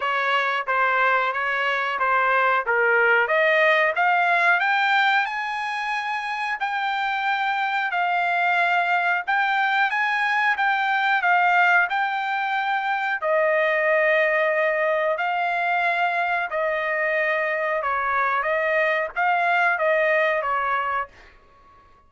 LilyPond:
\new Staff \with { instrumentName = "trumpet" } { \time 4/4 \tempo 4 = 91 cis''4 c''4 cis''4 c''4 | ais'4 dis''4 f''4 g''4 | gis''2 g''2 | f''2 g''4 gis''4 |
g''4 f''4 g''2 | dis''2. f''4~ | f''4 dis''2 cis''4 | dis''4 f''4 dis''4 cis''4 | }